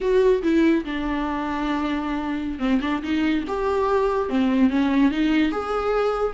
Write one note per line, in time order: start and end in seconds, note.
0.00 0.42 F#4
0.42 0.84 E4
0.84 2.59 D4
2.59 2.80 C4
2.81 3.02 D4
3.02 3.44 D#4
3.47 4.29 G4
4.29 4.70 C4
4.70 5.11 C#4
5.11 5.51 D#4
5.51 6.33 G#4